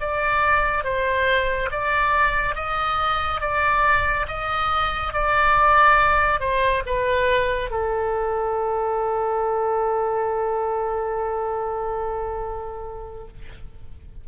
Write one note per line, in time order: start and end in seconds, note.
0.00 0.84 D5
0.84 1.69 C5
1.71 2.55 D5
2.55 3.41 D#5
3.41 4.26 D5
4.27 5.13 D#5
5.13 6.40 D5
6.40 6.83 C5
6.86 7.70 B4
7.70 13.27 A4